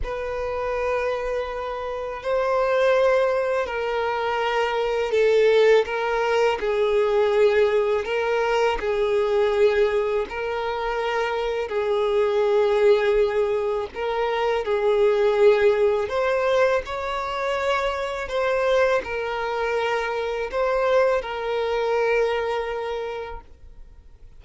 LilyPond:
\new Staff \with { instrumentName = "violin" } { \time 4/4 \tempo 4 = 82 b'2. c''4~ | c''4 ais'2 a'4 | ais'4 gis'2 ais'4 | gis'2 ais'2 |
gis'2. ais'4 | gis'2 c''4 cis''4~ | cis''4 c''4 ais'2 | c''4 ais'2. | }